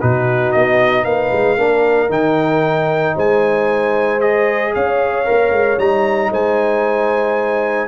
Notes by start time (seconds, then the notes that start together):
0.00 B2 D#4 F#4 B4
0.52 B3 D#5
1.05 A#3 B4 F5
1.32 G#3
1.58 A#3 D4 A#4
2.09 D#3 D#4 G5
3.15 G#3 C5 G#5
4.21 G#4 D#5
4.74 C#4 C#5 F5
5.25 A#3 A#4
5.52 G#3
5.79 G3 D#4 A#5
6.31 G#3 C5 G#5